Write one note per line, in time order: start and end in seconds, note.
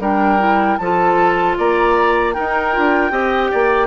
0.00 0.78 G3
0.00 0.39 D4
0.00 0.79 A#4
0.00 0.78 G5
0.39 0.78 E4
0.78 1.57 F3
0.78 2.35 F4
0.78 1.59 A4
0.78 1.56 A5
1.59 2.37 A#3
1.59 2.35 D5
1.59 2.34 A#5
2.34 2.73 D#4
2.34 2.78 D#4
2.34 3.12 A#4
2.34 3.88 G5
2.73 3.11 D4
2.73 3.11 F4
3.11 3.50 C4
3.11 3.88 G4
3.11 3.51 D#5
3.52 3.88 A#3
3.52 3.88 D5